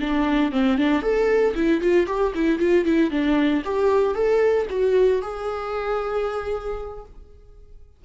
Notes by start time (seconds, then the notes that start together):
0.00 D4
0.52 C4
0.78 D4
1.02 A4
1.55 E4
1.81 F4
2.07 G4
2.34 E4
2.59 F4
2.85 E4
3.10 D4
3.64 G4
4.14 A4
4.69 F#4
5.22 G#4